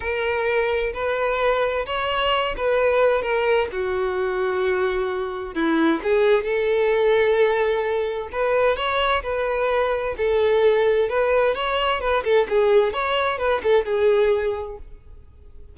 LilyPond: \new Staff \with { instrumentName = "violin" } { \time 4/4 \tempo 4 = 130 ais'2 b'2 | cis''4. b'4. ais'4 | fis'1 | e'4 gis'4 a'2~ |
a'2 b'4 cis''4 | b'2 a'2 | b'4 cis''4 b'8 a'8 gis'4 | cis''4 b'8 a'8 gis'2 | }